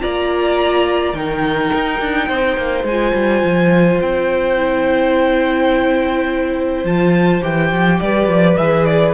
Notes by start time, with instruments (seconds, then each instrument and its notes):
0.00 cello A#3, viola F4, violin D5 A#5
1.13 cello D#3, viola D#4, violin A#4 G5
1.74 cello D#4
2.00 cello D4
2.28 cello C4, violin C5
2.57 cello A#3
2.84 cello G#3, violin G#5
2.90 viola F4
3.15 cello G3
3.44 cello F3
4.02 cello C4, violin G5
4.57 viola E4
6.84 cello F3, viola F4, violin A5
7.42 cello E3, viola G4, violin G5
7.72 cello F3
8.00 cello G3, violin B4 D5
8.28 cello F3
8.57 cello E3, viola G#4, violin E5
8.85 violin D5